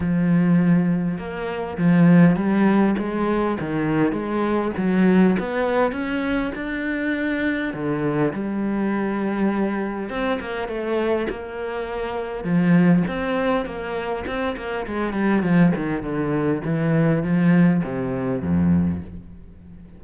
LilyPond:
\new Staff \with { instrumentName = "cello" } { \time 4/4 \tempo 4 = 101 f2 ais4 f4 | g4 gis4 dis4 gis4 | fis4 b4 cis'4 d'4~ | d'4 d4 g2~ |
g4 c'8 ais8 a4 ais4~ | ais4 f4 c'4 ais4 | c'8 ais8 gis8 g8 f8 dis8 d4 | e4 f4 c4 f,4 | }